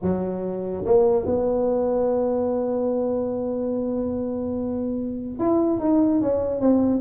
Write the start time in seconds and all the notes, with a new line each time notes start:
0.02 F#3
0.85 A#3
1.25 B3
5.39 E4
5.79 D#4
6.21 C#4
6.60 C4